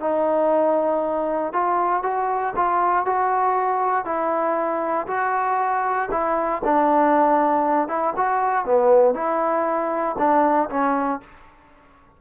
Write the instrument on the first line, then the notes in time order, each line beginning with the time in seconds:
trombone
0.00 D#4
1.53 F4
2.03 F#4
2.56 F4
3.06 F#4
4.05 E4
5.07 F#4
6.11 E4
6.64 D4
7.88 E4
8.16 F#4
8.65 B3
9.14 E4
10.18 D4
10.69 C#4